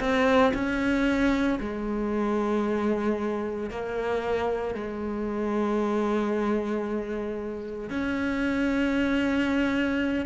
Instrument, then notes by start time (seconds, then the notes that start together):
cello
0.00 C4
0.54 C#4
1.60 G#3
3.70 A#3
4.75 G#3
7.90 C#4